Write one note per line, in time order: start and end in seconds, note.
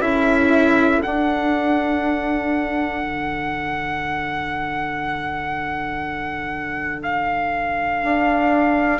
0.00 1.00 C#4
0.00 1.00 E4
0.00 9.00 A4
0.00 1.01 E5
1.00 9.00 D4
1.00 3.02 D4
1.00 7.02 F#5
3.02 8.02 D3
7.02 9.00 F5
8.03 9.00 D4